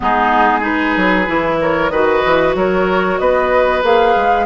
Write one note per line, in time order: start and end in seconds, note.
0.00 0.96 G#3
0.00 0.61 B3
0.00 0.60 D#4
0.00 0.64 G#4
0.60 1.24 D#4
0.60 1.55 G#4
0.60 1.60 B4
0.96 1.28 F#3
1.26 1.90 E3
1.26 1.90 E4
1.61 1.91 A#4
1.61 1.90 C#5
1.90 2.22 D#3
1.90 3.83 F#4
1.90 2.55 B4
1.90 2.54 D#5
2.25 2.54 E3
2.54 3.18 F#3
2.54 3.20 A#4
2.54 3.18 C#5
3.18 3.82 B3
3.18 4.46 B4
3.18 3.82 D#5
3.82 4.14 A#3
3.82 4.46 G#4
3.82 4.46 F5
4.16 4.46 G#3